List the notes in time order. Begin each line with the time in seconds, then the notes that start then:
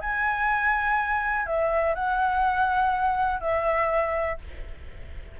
0.00 G#5
1.46 E5
1.94 F#5
3.40 E5